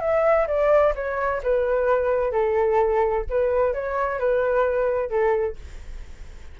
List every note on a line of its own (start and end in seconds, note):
0.00 0.47 E5
0.47 0.93 D5
0.95 1.41 C#5
1.43 2.32 B4
2.32 3.25 A4
3.29 3.74 B4
3.74 4.19 C#5
4.19 5.09 B4
5.09 5.56 A4